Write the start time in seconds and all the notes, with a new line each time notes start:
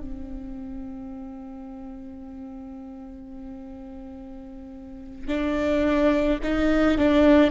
0.00 C4
5.28 D4
6.43 D#4
6.97 D4